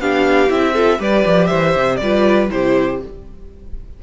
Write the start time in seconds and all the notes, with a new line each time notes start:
0.00 B3 D4 G4 F5
0.48 C4 E4 E5
0.73 F4 A4
0.98 G3 G4 B4 D5
1.26 F3
1.46 E3 C5 E5
1.76 C3
1.96 G3 B4 D5
2.02 F4
2.50 C3 E4 G4 C5